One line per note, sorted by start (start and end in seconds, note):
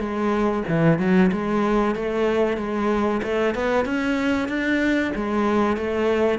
0.00 0.64 G#3
0.68 0.99 E3
0.99 1.31 F#3
1.32 1.96 G#3
1.96 2.58 A3
2.58 3.21 G#3
3.24 3.55 A3
3.55 3.86 B3
3.86 4.49 C#4
4.49 5.13 D4
5.16 5.77 G#3
5.77 6.39 A3